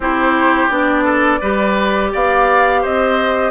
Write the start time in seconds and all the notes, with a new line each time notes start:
0.00 C4 E4 G4 C5
0.69 B3 D4 D5
1.04 A4
1.41 G3 G4 B4
2.12 B3 D5 F5
2.81 C4 C5 D#5